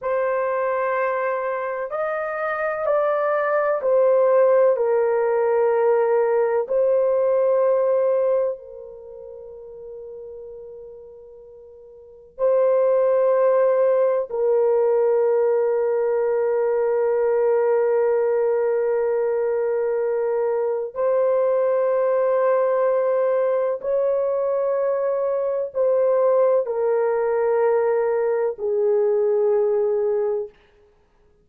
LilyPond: \new Staff \with { instrumentName = "horn" } { \time 4/4 \tempo 4 = 63 c''2 dis''4 d''4 | c''4 ais'2 c''4~ | c''4 ais'2.~ | ais'4 c''2 ais'4~ |
ais'1~ | ais'2 c''2~ | c''4 cis''2 c''4 | ais'2 gis'2 | }